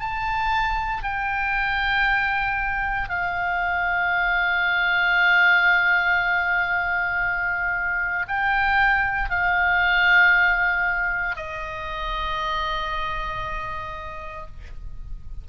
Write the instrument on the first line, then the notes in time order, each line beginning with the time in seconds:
oboe
0.00 A5
1.03 G5
3.09 F5
8.28 G5
9.30 F5
11.37 D#5